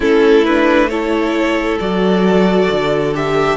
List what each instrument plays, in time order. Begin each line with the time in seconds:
0.00 cello A3, viola C#4, violin E4 A4
0.44 viola D4, violin B4
0.88 viola E4, violin A4 C#5
1.79 cello F#3, viola F#4, violin D5
2.70 cello D3
3.13 viola G4, violin E5